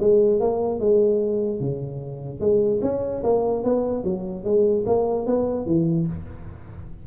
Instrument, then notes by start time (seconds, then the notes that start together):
tuba
0.00 G#3
0.40 A#3
0.80 G#3
1.60 C#3
2.40 G#3
2.82 C#4
3.24 A#3
3.64 B3
4.04 F#3
4.44 G#3
4.86 A#3
5.26 B3
5.66 E3